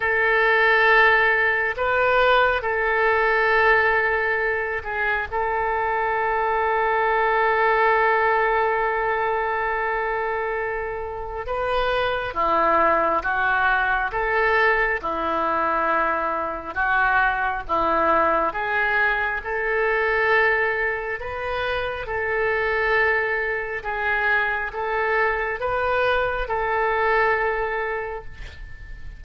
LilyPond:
\new Staff \with { instrumentName = "oboe" } { \time 4/4 \tempo 4 = 68 a'2 b'4 a'4~ | a'4. gis'8 a'2~ | a'1~ | a'4 b'4 e'4 fis'4 |
a'4 e'2 fis'4 | e'4 gis'4 a'2 | b'4 a'2 gis'4 | a'4 b'4 a'2 | }